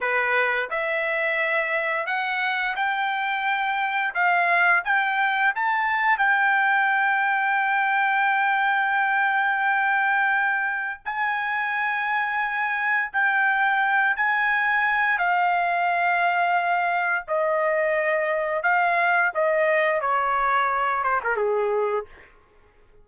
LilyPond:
\new Staff \with { instrumentName = "trumpet" } { \time 4/4 \tempo 4 = 87 b'4 e''2 fis''4 | g''2 f''4 g''4 | a''4 g''2.~ | g''1 |
gis''2. g''4~ | g''8 gis''4. f''2~ | f''4 dis''2 f''4 | dis''4 cis''4. c''16 ais'16 gis'4 | }